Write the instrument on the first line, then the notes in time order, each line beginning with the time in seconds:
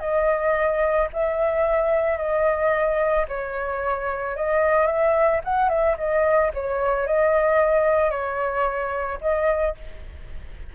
flute
0.00 D#5
1.14 E5
2.18 D#5
3.29 C#5
4.36 D#5
4.87 E5
5.44 F#5
5.69 E5
5.98 D#5
6.54 C#5
7.07 D#5
8.11 C#5
9.21 D#5